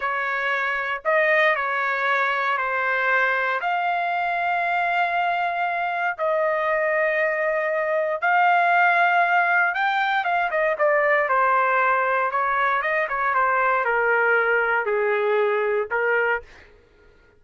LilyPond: \new Staff \with { instrumentName = "trumpet" } { \time 4/4 \tempo 4 = 117 cis''2 dis''4 cis''4~ | cis''4 c''2 f''4~ | f''1 | dis''1 |
f''2. g''4 | f''8 dis''8 d''4 c''2 | cis''4 dis''8 cis''8 c''4 ais'4~ | ais'4 gis'2 ais'4 | }